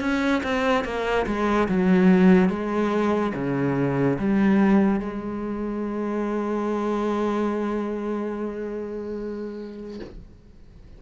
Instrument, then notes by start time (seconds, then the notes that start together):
cello
0.00 C#4
0.43 C4
0.84 A#3
1.26 G#3
1.68 F#3
2.49 G#3
3.34 C#3
4.18 G3
5.00 G#3